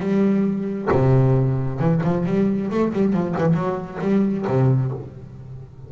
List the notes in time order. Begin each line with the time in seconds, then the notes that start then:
0.00 G3
0.92 C3
1.80 E3
2.04 F3
2.26 G3
2.71 A3
2.94 G3
3.13 F3
3.39 E3
3.54 F#3
4.01 G3
4.48 C3